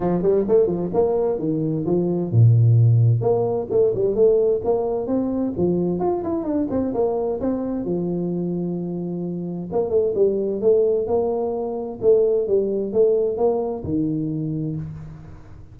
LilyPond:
\new Staff \with { instrumentName = "tuba" } { \time 4/4 \tempo 4 = 130 f8 g8 a8 f8 ais4 dis4 | f4 ais,2 ais4 | a8 g8 a4 ais4 c'4 | f4 f'8 e'8 d'8 c'8 ais4 |
c'4 f2.~ | f4 ais8 a8 g4 a4 | ais2 a4 g4 | a4 ais4 dis2 | }